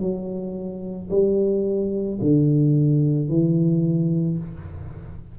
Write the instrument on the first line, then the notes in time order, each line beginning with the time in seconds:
tuba
0.00 F#3
1.10 G3
2.22 D3
3.29 E3